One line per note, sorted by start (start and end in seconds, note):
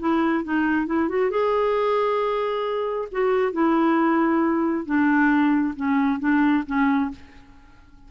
0.00 0.44 E4
0.44 0.87 D#4
0.87 1.09 E4
1.09 1.31 F#4
1.31 3.09 G#4
3.12 3.53 F#4
3.53 4.86 E4
4.86 5.75 D4
5.76 6.20 C#4
6.20 6.64 D4
6.66 7.11 C#4